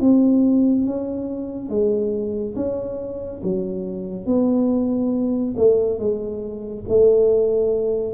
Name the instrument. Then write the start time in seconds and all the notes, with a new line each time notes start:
tuba
0.00 C4
0.85 C#4
1.69 G#3
2.56 C#4
3.43 F#3
4.26 B3
5.56 A3
5.98 G#3
6.88 A3